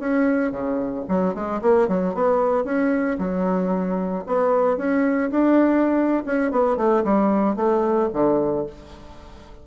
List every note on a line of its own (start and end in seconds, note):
0.00 0.52 C#4
0.52 1.05 C#3
1.09 1.35 F#3
1.35 1.62 G#3
1.62 1.88 A#3
1.88 2.15 F#3
2.15 2.65 B3
2.65 3.18 C#4
3.19 4.25 F#3
4.27 4.78 B3
4.78 5.31 C#4
5.31 6.24 D4
6.26 6.52 C#4
6.52 6.77 B3
6.77 7.04 A3
7.05 7.57 G3
7.57 8.10 A3
8.14 8.67 D3